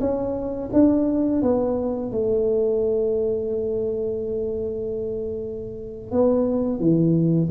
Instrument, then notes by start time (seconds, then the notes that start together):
tuba
0.00 C#4
0.73 D4
1.42 B3
2.11 A3
6.11 B3
6.79 E3